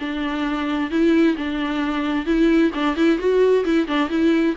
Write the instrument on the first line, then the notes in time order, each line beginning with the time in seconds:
viola
0.00 D4
0.91 E4
1.37 D4
2.26 E4
2.75 D4
2.97 E4
3.19 F#4
3.65 E4
3.88 D4
4.10 E4